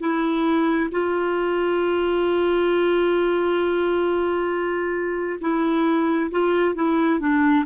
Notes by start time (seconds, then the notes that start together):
0.00 E4
0.91 F4
5.41 E4
6.31 F4
6.75 E4
7.20 D4